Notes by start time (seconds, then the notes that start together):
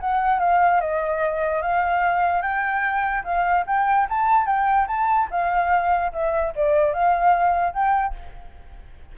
0.00 F#5
0.39 F5
0.80 D#5
1.62 F5
2.42 G5
3.24 F5
3.66 G5
4.09 A5
4.46 G5
4.87 A5
5.30 F5
6.12 E5
6.55 D5
6.93 F5
7.73 G5